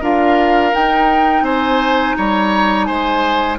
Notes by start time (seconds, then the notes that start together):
0.00 D4 F4 A#4 F5
0.72 D#4 G5
1.42 C4 C5 G#5
2.17 G3 C#5 A#5
2.85 G#3 C5 G#5